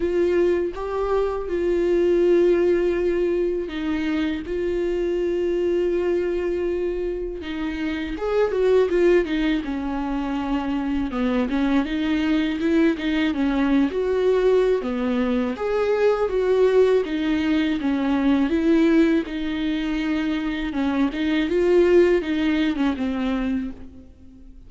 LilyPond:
\new Staff \with { instrumentName = "viola" } { \time 4/4 \tempo 4 = 81 f'4 g'4 f'2~ | f'4 dis'4 f'2~ | f'2 dis'4 gis'8 fis'8 | f'8 dis'8 cis'2 b8 cis'8 |
dis'4 e'8 dis'8 cis'8. fis'4~ fis'16 | b4 gis'4 fis'4 dis'4 | cis'4 e'4 dis'2 | cis'8 dis'8 f'4 dis'8. cis'16 c'4 | }